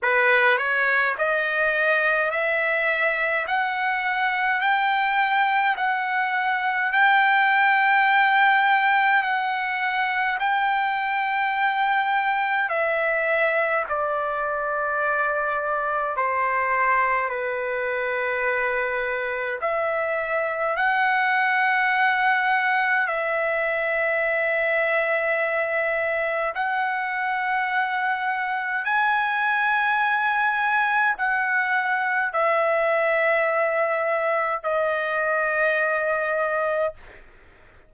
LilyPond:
\new Staff \with { instrumentName = "trumpet" } { \time 4/4 \tempo 4 = 52 b'8 cis''8 dis''4 e''4 fis''4 | g''4 fis''4 g''2 | fis''4 g''2 e''4 | d''2 c''4 b'4~ |
b'4 e''4 fis''2 | e''2. fis''4~ | fis''4 gis''2 fis''4 | e''2 dis''2 | }